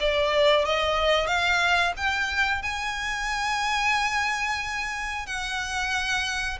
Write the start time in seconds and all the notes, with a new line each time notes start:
0.00 D5
0.66 D#5
1.27 F5
1.97 G5
2.63 G#5
5.27 F#5